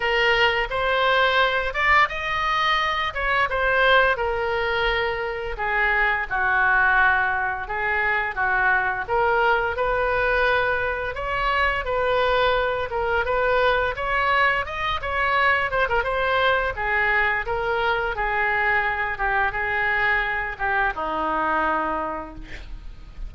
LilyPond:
\new Staff \with { instrumentName = "oboe" } { \time 4/4 \tempo 4 = 86 ais'4 c''4. d''8 dis''4~ | dis''8 cis''8 c''4 ais'2 | gis'4 fis'2 gis'4 | fis'4 ais'4 b'2 |
cis''4 b'4. ais'8 b'4 | cis''4 dis''8 cis''4 c''16 ais'16 c''4 | gis'4 ais'4 gis'4. g'8 | gis'4. g'8 dis'2 | }